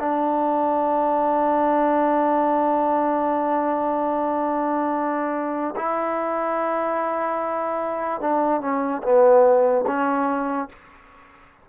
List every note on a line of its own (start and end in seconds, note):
0.00 5.75 D4
5.76 8.22 E4
8.22 8.62 D4
8.62 9.03 C#4
9.03 9.85 B3
9.87 10.69 C#4